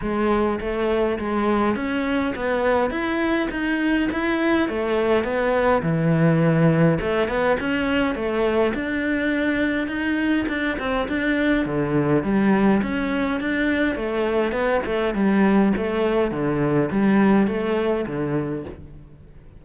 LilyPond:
\new Staff \with { instrumentName = "cello" } { \time 4/4 \tempo 4 = 103 gis4 a4 gis4 cis'4 | b4 e'4 dis'4 e'4 | a4 b4 e2 | a8 b8 cis'4 a4 d'4~ |
d'4 dis'4 d'8 c'8 d'4 | d4 g4 cis'4 d'4 | a4 b8 a8 g4 a4 | d4 g4 a4 d4 | }